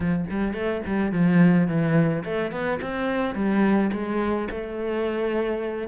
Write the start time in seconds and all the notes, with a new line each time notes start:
0.00 F3
0.30 G3
0.53 A3
0.86 G3
1.12 F3
1.67 E3
2.24 A3
2.51 B3
2.81 C4
3.34 G3
3.92 G#3
4.50 A3